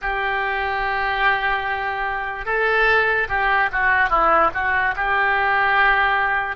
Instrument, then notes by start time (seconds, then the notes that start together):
oboe
0.01 G4
2.45 A4
3.28 G4
3.72 F#4
4.09 E4
4.54 F#4
4.95 G4